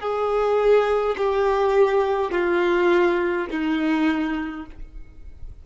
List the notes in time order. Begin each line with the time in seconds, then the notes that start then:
0.00 G#4
1.17 G4
2.31 F4
3.50 D#4